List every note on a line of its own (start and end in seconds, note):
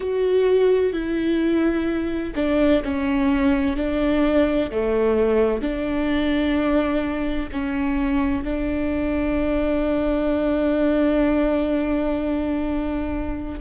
0.00 0.92 F#4
0.92 2.33 E4
2.35 2.82 D4
2.84 3.76 C#4
3.76 4.70 D4
4.70 5.61 A3
5.61 7.49 D4
7.52 8.44 C#4
8.44 13.59 D4